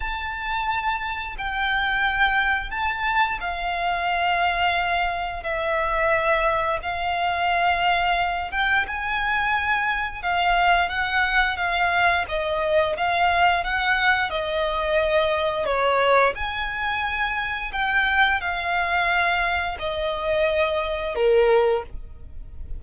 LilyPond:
\new Staff \with { instrumentName = "violin" } { \time 4/4 \tempo 4 = 88 a''2 g''2 | a''4 f''2. | e''2 f''2~ | f''8 g''8 gis''2 f''4 |
fis''4 f''4 dis''4 f''4 | fis''4 dis''2 cis''4 | gis''2 g''4 f''4~ | f''4 dis''2 ais'4 | }